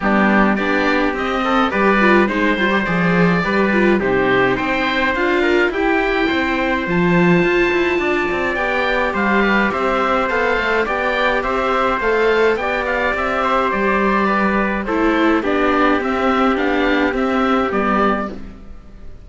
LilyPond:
<<
  \new Staff \with { instrumentName = "oboe" } { \time 4/4 \tempo 4 = 105 g'4 d''4 dis''4 d''4 | c''4 d''2 c''4 | g''4 f''4 g''2 | a''2. g''4 |
f''4 e''4 f''4 g''4 | e''4 f''4 g''8 f''8 e''4 | d''2 c''4 d''4 | e''4 f''4 e''4 d''4 | }
  \new Staff \with { instrumentName = "trumpet" } { \time 4/4 d'4 g'4. a'8 b'4 | c''2 b'4 g'4 | c''4. ais'8 g'4 c''4~ | c''2 d''2 |
c''8 b'8 c''2 d''4 | c''2 d''4. c''8~ | c''4 b'4 a'4 g'4~ | g'1 | }
  \new Staff \with { instrumentName = "viola" } { \time 4/4 b4 d'4 c'4 g'8 f'8 | dis'8 f'16 g'16 gis'4 g'8 f'8 dis'4~ | dis'4 f'4 e'2 | f'2. g'4~ |
g'2 a'4 g'4~ | g'4 a'4 g'2~ | g'2 e'4 d'4 | c'4 d'4 c'4 b4 | }
  \new Staff \with { instrumentName = "cello" } { \time 4/4 g4 b4 c'4 g4 | gis8 g8 f4 g4 c4 | c'4 d'4 e'4 c'4 | f4 f'8 e'8 d'8 c'8 b4 |
g4 c'4 b8 a8 b4 | c'4 a4 b4 c'4 | g2 a4 b4 | c'4 b4 c'4 g4 | }
>>